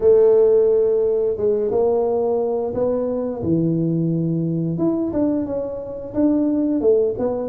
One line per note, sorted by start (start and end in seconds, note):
0.00 1.36 A3
1.36 1.70 G#3
1.71 2.73 A#3
2.74 3.42 B3
3.42 4.77 E3
4.77 5.11 E4
5.13 5.45 D4
5.45 6.13 C#4
6.14 6.80 D4
6.80 7.14 A3
7.18 7.49 B3